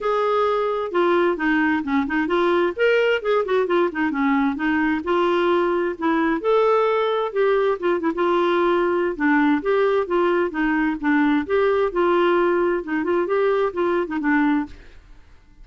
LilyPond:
\new Staff \with { instrumentName = "clarinet" } { \time 4/4 \tempo 4 = 131 gis'2 f'4 dis'4 | cis'8 dis'8 f'4 ais'4 gis'8 fis'8 | f'8 dis'8 cis'4 dis'4 f'4~ | f'4 e'4 a'2 |
g'4 f'8 e'16 f'2~ f'16 | d'4 g'4 f'4 dis'4 | d'4 g'4 f'2 | dis'8 f'8 g'4 f'8. dis'16 d'4 | }